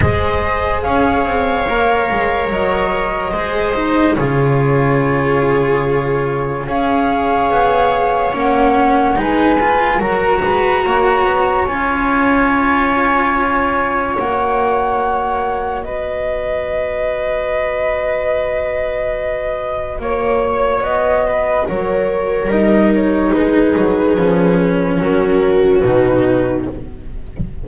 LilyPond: <<
  \new Staff \with { instrumentName = "flute" } { \time 4/4 \tempo 4 = 72 dis''4 f''2 dis''4~ | dis''4 cis''2. | f''2 fis''4 gis''4 | ais''2 gis''2~ |
gis''4 fis''2 dis''4~ | dis''1 | cis''4 dis''4 cis''4 dis''8 cis''8 | b'2 ais'4 b'4 | }
  \new Staff \with { instrumentName = "viola" } { \time 4/4 c''4 cis''2. | c''4 gis'2. | cis''2. b'4 | ais'8 b'8 cis''2.~ |
cis''2. b'4~ | b'1 | cis''4. b'8 ais'2 | gis'2 fis'2 | }
  \new Staff \with { instrumentName = "cello" } { \time 4/4 gis'2 ais'2 | gis'8 dis'8 f'2. | gis'2 cis'4 dis'8 f'8 | fis'2 f'2~ |
f'4 fis'2.~ | fis'1~ | fis'2. dis'4~ | dis'4 cis'2 dis'4 | }
  \new Staff \with { instrumentName = "double bass" } { \time 4/4 gis4 cis'8 c'8 ais8 gis8 fis4 | gis4 cis2. | cis'4 b4 ais4 gis4 | fis8 gis8 ais8 b8 cis'2~ |
cis'4 ais2 b4~ | b1 | ais4 b4 fis4 g4 | gis8 fis8 f4 fis4 b,4 | }
>>